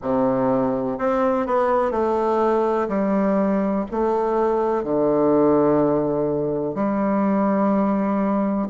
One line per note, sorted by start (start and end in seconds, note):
0.02 0.98 C3
0.98 1.46 C4
1.46 1.91 B3
1.91 2.88 A3
2.88 3.84 G3
3.91 4.83 A3
4.83 6.75 D3
6.75 8.68 G3